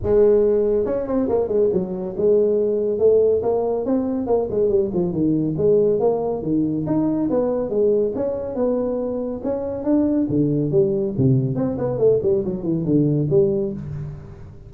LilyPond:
\new Staff \with { instrumentName = "tuba" } { \time 4/4 \tempo 4 = 140 gis2 cis'8 c'8 ais8 gis8 | fis4 gis2 a4 | ais4 c'4 ais8 gis8 g8 f8 | dis4 gis4 ais4 dis4 |
dis'4 b4 gis4 cis'4 | b2 cis'4 d'4 | d4 g4 c4 c'8 b8 | a8 g8 fis8 e8 d4 g4 | }